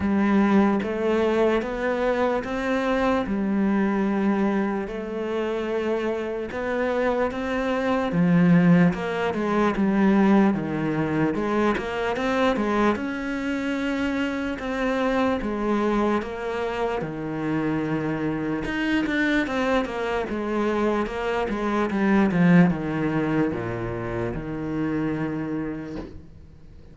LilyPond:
\new Staff \with { instrumentName = "cello" } { \time 4/4 \tempo 4 = 74 g4 a4 b4 c'4 | g2 a2 | b4 c'4 f4 ais8 gis8 | g4 dis4 gis8 ais8 c'8 gis8 |
cis'2 c'4 gis4 | ais4 dis2 dis'8 d'8 | c'8 ais8 gis4 ais8 gis8 g8 f8 | dis4 ais,4 dis2 | }